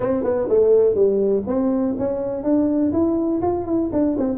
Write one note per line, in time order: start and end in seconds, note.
0.00 0.23 C4
0.23 0.48 B3
0.49 0.94 A3
0.94 1.43 G3
1.47 1.95 C4
1.98 2.43 C#4
2.43 2.91 D4
2.92 3.41 E4
3.41 3.65 F4
3.65 3.90 E4
3.92 4.16 D4
4.17 4.38 C4